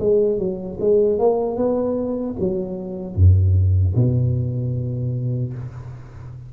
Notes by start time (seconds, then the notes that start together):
0.00 G#3
0.39 F#3
0.80 G#3
1.19 A#3
1.57 B3
2.40 F#3
3.16 F#2
3.95 B2